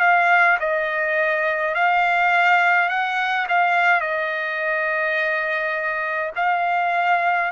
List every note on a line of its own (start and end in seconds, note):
0.00 0.58 F5
0.60 1.75 D#5
1.75 2.89 F5
2.89 3.47 F#5
3.49 4.01 F5
4.01 6.31 D#5
6.36 7.52 F5